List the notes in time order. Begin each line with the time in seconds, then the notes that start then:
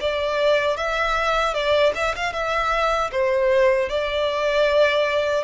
0.00 D5
0.77 E5
1.54 D5
1.95 E5
2.15 F5
2.32 E5
3.11 C5
3.89 D5